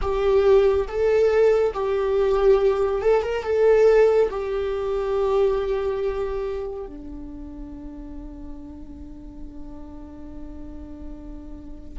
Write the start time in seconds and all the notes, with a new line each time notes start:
0.01 G4
0.87 A4
1.73 G4
3.01 A4
3.22 A#4
3.43 A4
4.29 G4
6.86 D4